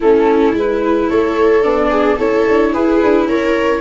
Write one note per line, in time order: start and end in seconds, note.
0.00 0.52 A3
0.00 0.54 C#4
0.00 1.08 E4
0.00 0.55 A4
0.52 1.07 G#3
0.52 1.62 E4
0.52 1.09 B4
1.09 1.64 A3
1.09 1.90 A4
1.09 1.62 C#5
1.62 2.19 B3
1.62 2.17 D4
1.62 2.17 D5
1.90 2.16 G#4
2.16 2.47 C#4
2.16 3.80 E4
2.16 2.71 A4
2.16 2.73 C#5
2.48 2.74 D4
2.73 3.01 E4
2.73 3.27 G#4
2.73 3.28 B4
3.03 3.25 D4
3.25 3.79 C#4
3.25 3.80 A#4
3.25 3.80 C#5